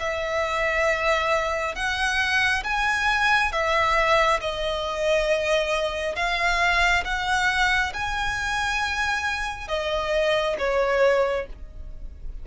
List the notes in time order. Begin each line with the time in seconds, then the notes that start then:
0.00 E5
1.76 F#5
2.64 G#5
3.52 E5
4.41 D#5
6.16 F5
7.05 F#5
7.94 G#5
9.68 D#5
10.58 C#5